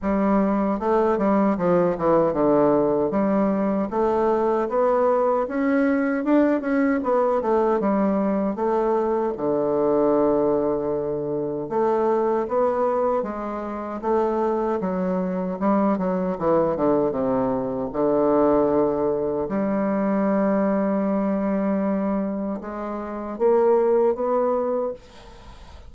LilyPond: \new Staff \with { instrumentName = "bassoon" } { \time 4/4 \tempo 4 = 77 g4 a8 g8 f8 e8 d4 | g4 a4 b4 cis'4 | d'8 cis'8 b8 a8 g4 a4 | d2. a4 |
b4 gis4 a4 fis4 | g8 fis8 e8 d8 c4 d4~ | d4 g2.~ | g4 gis4 ais4 b4 | }